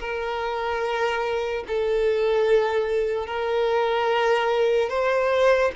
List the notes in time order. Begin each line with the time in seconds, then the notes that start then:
0.00 A#4
1.67 A4
3.27 A#4
4.89 C5